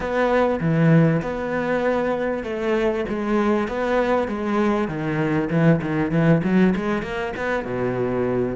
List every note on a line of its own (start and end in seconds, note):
0.00 0.59 B3
0.60 1.21 E3
1.22 2.43 B3
2.43 3.04 A3
3.08 3.68 G#3
3.68 4.27 B3
4.27 4.88 G#3
4.88 5.49 D#3
5.50 5.80 E3
5.81 6.11 D#3
6.11 6.41 E3
6.43 6.74 F#3
6.75 7.02 G#3
7.02 7.33 A#3
7.36 7.64 B3
7.64 8.55 B2